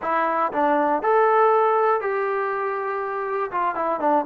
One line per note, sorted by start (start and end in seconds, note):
0.02 0.52 E4
0.52 1.02 D4
1.02 2.00 A4
2.00 3.50 G4
3.51 3.75 F4
3.75 4.00 E4
4.00 4.25 D4